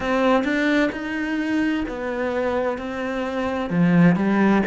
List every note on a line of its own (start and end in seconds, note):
0.00 0.44 C4
0.44 0.90 D4
0.92 1.84 D#4
1.88 2.78 B3
2.78 3.69 C4
3.69 4.15 F3
4.16 4.62 G3